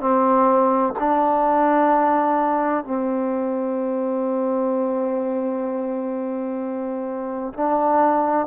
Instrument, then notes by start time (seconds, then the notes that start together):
trombone
0.00 C4
0.99 D4
2.84 C4
7.54 D4